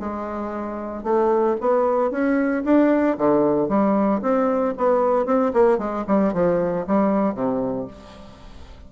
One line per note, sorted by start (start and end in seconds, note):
0.00 1.04 G#3
1.04 1.56 A3
1.61 2.11 B3
2.11 2.64 C#4
2.65 3.17 D4
3.18 3.69 D3
3.69 4.22 G3
4.22 4.75 C4
4.78 5.26 B3
5.26 5.52 C4
5.54 5.78 A#3
5.78 6.05 G#3
6.08 6.33 G3
6.33 6.86 F3
6.88 7.35 G3
7.35 7.88 C3